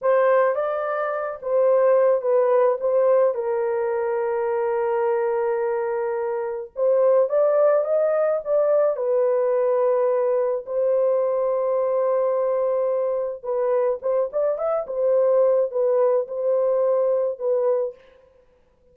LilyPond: \new Staff \with { instrumentName = "horn" } { \time 4/4 \tempo 4 = 107 c''4 d''4. c''4. | b'4 c''4 ais'2~ | ais'1 | c''4 d''4 dis''4 d''4 |
b'2. c''4~ | c''1 | b'4 c''8 d''8 e''8 c''4. | b'4 c''2 b'4 | }